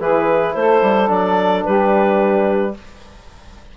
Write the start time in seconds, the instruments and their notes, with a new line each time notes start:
0.00 bassoon E3, trombone E4, saxophone G#4, clarinet B4
0.54 bassoon A3, saxophone A4, clarinet C5
0.82 bassoon G3
1.07 bassoon F#3, trombone D4, clarinet D5
1.64 bassoon G3, saxophone G4, clarinet B4